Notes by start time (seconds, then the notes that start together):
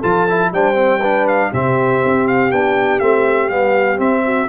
0.00 F3 F4 A4 A5
0.30 E4
0.52 G3 D4 C5 G5
0.75 C4
1.00 D4 B4
1.28 F5
1.53 C3 C4 G4 E5
2.05 C4
2.28 F5
2.51 B3 D4 G5
3.00 A3 C4 E5
3.49 G3 B3 F5
3.97 C4 E5
4.25 F#4